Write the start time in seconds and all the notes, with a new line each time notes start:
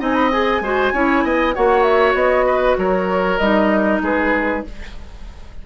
0.00 C4 D#4 D#5 G#5
0.15 B5
0.32 G#4 G#5
0.61 G#3 F#4 C5
0.94 C#4 E4 C#5
1.24 B3 D#5
1.55 A#3 F#4 C#5 F#5
1.83 E5
2.15 B3 D#5
2.47 B4
2.78 F#3 A#4 C#5
3.39 G3 D#4 D#5
4.02 G#3 G#4 B4